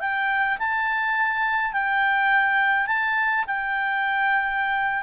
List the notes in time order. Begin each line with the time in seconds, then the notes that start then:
0.00 G5
0.59 A5
1.73 G5
2.87 A5
3.46 G5